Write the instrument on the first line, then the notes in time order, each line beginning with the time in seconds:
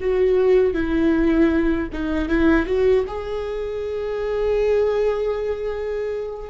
viola
0.00 F#4
0.73 E4
1.92 D#4
2.28 E4
2.66 F#4
3.07 G#4